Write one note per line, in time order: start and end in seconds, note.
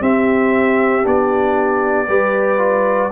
0.00 1.03 C4
0.00 1.05 C4
0.00 2.08 G4
0.00 1.06 E5
1.03 2.09 B3
1.03 2.06 D4
1.03 3.12 D5
2.08 3.12 G3
2.08 2.58 G4
2.08 3.12 B4
2.58 3.10 F4